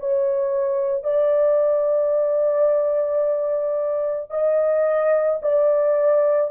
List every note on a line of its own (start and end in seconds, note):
0.00 1.04 C#5
1.04 4.31 D5
4.31 5.40 D#5
5.42 6.51 D5